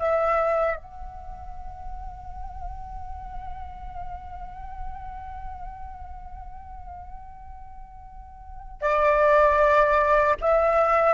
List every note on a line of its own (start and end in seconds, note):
0.00 0.77 E5
0.77 8.82 F#5
8.82 10.36 D5
10.42 11.14 E5